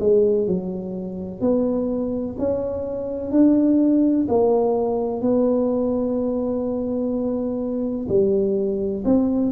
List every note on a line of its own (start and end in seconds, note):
0.00 0.47 G#3
0.47 1.41 F#3
1.41 2.36 B3
2.39 3.32 C#4
3.32 4.27 D4
4.28 5.21 A#3
5.21 8.07 B3
8.09 9.04 G3
9.05 9.52 C4